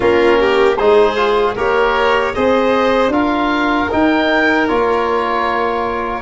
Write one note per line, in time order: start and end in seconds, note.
0.00 0.78 A#3
0.00 0.77 C#4
0.00 0.38 F4
0.00 0.77 A#4
0.39 0.77 G4
0.77 1.56 G#3
0.77 1.16 D#4
0.77 1.55 G#4
0.77 1.55 C5
1.16 1.55 F4
1.55 2.35 A#3
1.55 2.34 G4
1.55 2.33 A#4
1.55 2.35 C#5
2.34 3.08 C4
2.34 3.11 G#4
2.34 3.12 C5
2.34 3.12 D#5
3.08 3.86 D4
3.08 3.89 F4
3.08 6.21 A#4
3.08 3.90 F5
3.90 4.68 D#4
3.90 4.69 D#4
3.90 4.68 G5
4.68 6.21 A#3
4.68 6.21 F4
4.68 6.21 C#5